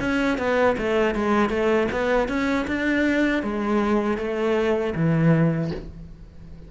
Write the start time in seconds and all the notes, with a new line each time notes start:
0.00 C#4
0.38 B3
0.77 A3
1.15 G#3
1.49 A3
1.91 B3
2.28 C#4
2.67 D4
3.42 G#3
4.17 A3
4.95 E3